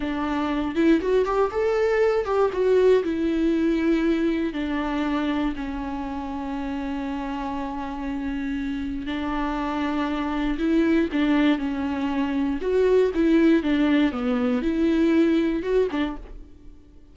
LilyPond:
\new Staff \with { instrumentName = "viola" } { \time 4/4 \tempo 4 = 119 d'4. e'8 fis'8 g'8 a'4~ | a'8 g'8 fis'4 e'2~ | e'4 d'2 cis'4~ | cis'1~ |
cis'2 d'2~ | d'4 e'4 d'4 cis'4~ | cis'4 fis'4 e'4 d'4 | b4 e'2 fis'8 d'8 | }